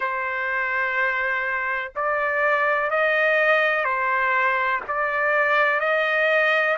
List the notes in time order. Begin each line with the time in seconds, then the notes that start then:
0.00 C5
1.95 D5
2.90 D#5
3.84 C5
4.87 D5
5.79 D#5